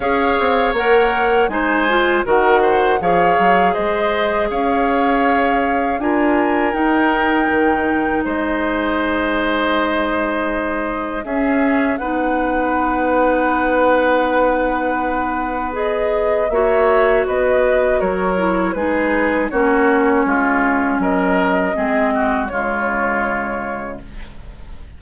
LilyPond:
<<
  \new Staff \with { instrumentName = "flute" } { \time 4/4 \tempo 4 = 80 f''4 fis''4 gis''4 fis''4 | f''4 dis''4 f''2 | gis''4 g''2 dis''4~ | dis''2. e''4 |
fis''1~ | fis''4 dis''4 e''4 dis''4 | cis''4 b'4 cis''2 | dis''2 cis''2 | }
  \new Staff \with { instrumentName = "oboe" } { \time 4/4 cis''2 c''4 ais'8 c''8 | cis''4 c''4 cis''2 | ais'2. c''4~ | c''2. gis'4 |
b'1~ | b'2 cis''4 b'4 | ais'4 gis'4 fis'4 f'4 | ais'4 gis'8 fis'8 f'2 | }
  \new Staff \with { instrumentName = "clarinet" } { \time 4/4 gis'4 ais'4 dis'8 f'8 fis'4 | gis'1 | f'4 dis'2.~ | dis'2. cis'4 |
dis'1~ | dis'4 gis'4 fis'2~ | fis'8 e'8 dis'4 cis'2~ | cis'4 c'4 gis2 | }
  \new Staff \with { instrumentName = "bassoon" } { \time 4/4 cis'8 c'8 ais4 gis4 dis4 | f8 fis8 gis4 cis'2 | d'4 dis'4 dis4 gis4~ | gis2. cis'4 |
b1~ | b2 ais4 b4 | fis4 gis4 ais4 gis4 | fis4 gis4 cis2 | }
>>